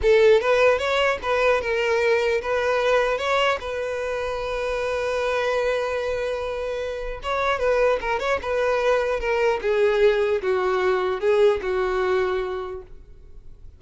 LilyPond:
\new Staff \with { instrumentName = "violin" } { \time 4/4 \tempo 4 = 150 a'4 b'4 cis''4 b'4 | ais'2 b'2 | cis''4 b'2.~ | b'1~ |
b'2 cis''4 b'4 | ais'8 cis''8 b'2 ais'4 | gis'2 fis'2 | gis'4 fis'2. | }